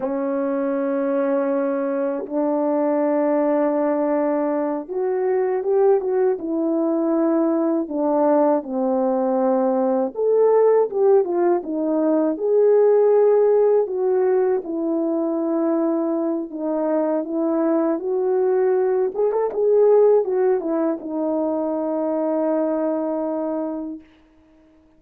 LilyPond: \new Staff \with { instrumentName = "horn" } { \time 4/4 \tempo 4 = 80 cis'2. d'4~ | d'2~ d'8 fis'4 g'8 | fis'8 e'2 d'4 c'8~ | c'4. a'4 g'8 f'8 dis'8~ |
dis'8 gis'2 fis'4 e'8~ | e'2 dis'4 e'4 | fis'4. gis'16 a'16 gis'4 fis'8 e'8 | dis'1 | }